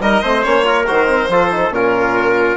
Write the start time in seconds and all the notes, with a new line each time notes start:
0.00 G3 D#4 A#4 D#5
0.22 A3 C4 C5
0.43 A#3 C#4 C#5
0.64 F4 A#4
0.87 D#3 F#4 C5
1.07 C4
1.28 F3 F4 A4
1.51 D#4
1.69 A#2 C#4 F4 A#4